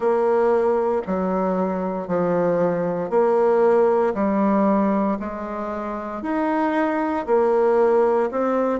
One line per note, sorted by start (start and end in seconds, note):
0.00 1.02 A#3
1.06 2.07 F#3
2.07 3.10 F3
3.10 4.13 A#3
4.14 5.17 G3
5.19 6.22 G#3
6.22 7.26 D#4
7.26 8.29 A#3
8.30 8.79 C4